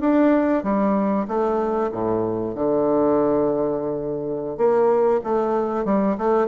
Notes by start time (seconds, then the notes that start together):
0.00 D4
0.63 G3
1.27 A3
1.91 A2
2.55 D3
4.57 A#3
5.23 A3
5.84 G3
6.18 A3